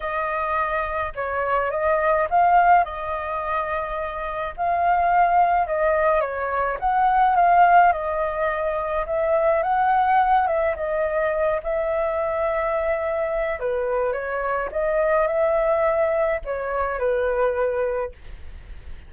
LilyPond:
\new Staff \with { instrumentName = "flute" } { \time 4/4 \tempo 4 = 106 dis''2 cis''4 dis''4 | f''4 dis''2. | f''2 dis''4 cis''4 | fis''4 f''4 dis''2 |
e''4 fis''4. e''8 dis''4~ | dis''8 e''2.~ e''8 | b'4 cis''4 dis''4 e''4~ | e''4 cis''4 b'2 | }